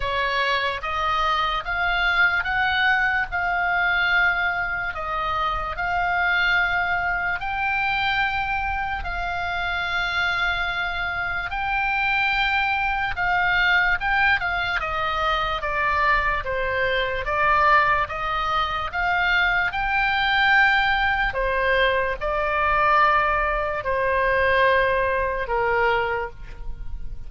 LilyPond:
\new Staff \with { instrumentName = "oboe" } { \time 4/4 \tempo 4 = 73 cis''4 dis''4 f''4 fis''4 | f''2 dis''4 f''4~ | f''4 g''2 f''4~ | f''2 g''2 |
f''4 g''8 f''8 dis''4 d''4 | c''4 d''4 dis''4 f''4 | g''2 c''4 d''4~ | d''4 c''2 ais'4 | }